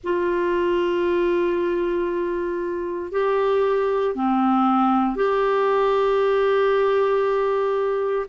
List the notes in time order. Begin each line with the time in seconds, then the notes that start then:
0.03 F4
3.11 G4
4.15 C4
5.15 G4